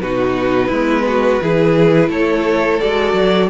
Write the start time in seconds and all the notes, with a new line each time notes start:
0.00 B2 D#4 F#4 B4
0.67 G#3 B3 E4
1.07 F#4
1.41 E3 E4 G#4
2.09 A3 A4 C#5
2.80 G#3 F#4 D5
3.13 F#3